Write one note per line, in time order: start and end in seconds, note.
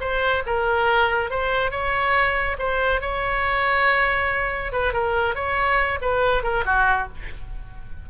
0.00 0.43 C5
0.46 1.30 A#4
1.30 1.71 C5
1.71 2.57 C#5
2.59 3.01 C5
3.01 4.72 C#5
4.72 4.93 B4
4.93 5.35 A#4
5.35 5.99 C#5
6.01 6.43 B4
6.43 6.64 A#4
6.65 7.08 F#4